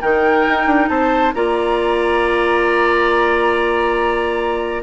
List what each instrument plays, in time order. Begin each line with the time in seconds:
0.00 bassoon D#3, clarinet D#4, oboe A#4, flute G5
0.48 bassoon D#4
0.66 bassoon D4
0.88 bassoon C4, oboe C5, flute A5
1.34 bassoon A#3, clarinet F4, oboe D5, flute A#5